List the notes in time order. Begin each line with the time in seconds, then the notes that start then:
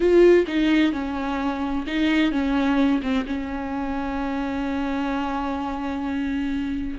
0.00 F4
0.47 D#4
0.92 C#4
1.86 D#4
2.31 C#4
3.02 C4
3.26 C#4